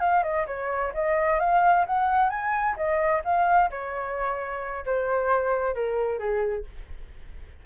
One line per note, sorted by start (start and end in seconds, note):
0.00 0.23 F5
0.23 0.46 D#5
0.47 0.93 C#5
0.94 1.39 D#5
1.39 1.85 F5
1.86 2.30 F#5
2.30 2.75 G#5
2.76 3.22 D#5
3.24 3.70 F5
3.70 4.85 C#5
4.85 5.74 C5
5.74 6.19 A#4
6.19 6.65 G#4